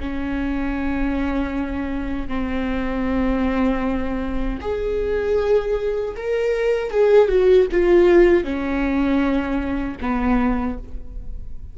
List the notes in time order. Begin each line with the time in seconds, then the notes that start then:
0.00 C#4
2.28 C4
4.61 G#4
6.16 A#4
6.91 G#4
7.28 F#4
7.72 F4
8.44 C#4
10.01 B3